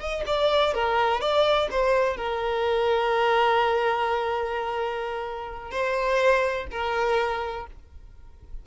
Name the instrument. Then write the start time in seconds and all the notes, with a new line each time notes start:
violin
0.00 D#5
0.26 D5
0.74 A#4
1.21 D5
1.71 C5
2.17 A#4
5.72 C5
6.71 A#4